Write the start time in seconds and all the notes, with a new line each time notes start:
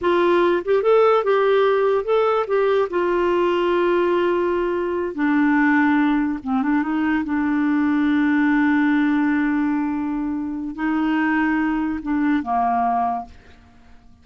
0.01 F4
0.64 G4
0.82 A4
1.24 G4
2.04 A4
2.47 G4
2.90 F4
5.14 D4
6.43 C4
6.62 D4
6.82 D#4
7.24 D4
10.75 D#4
12.02 D4
12.42 A#3